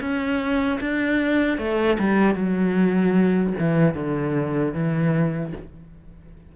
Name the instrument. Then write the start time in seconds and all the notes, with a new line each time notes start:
cello
0.00 C#4
0.80 D4
1.58 A3
1.99 G3
2.35 F#3
3.58 E3
3.94 D3
4.73 E3